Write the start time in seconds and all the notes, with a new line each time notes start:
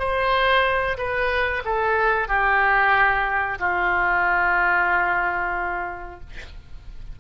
0.00 C5
0.98 B4
1.65 A4
2.29 G4
3.60 F4